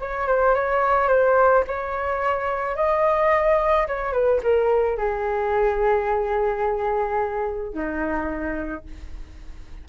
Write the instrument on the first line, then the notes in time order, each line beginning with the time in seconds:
flute
0.00 C#5
0.27 C5
0.55 C#5
1.08 C5
1.67 C#5
2.76 D#5
3.87 C#5
4.12 B4
4.43 A#4
4.97 G#4
7.73 D#4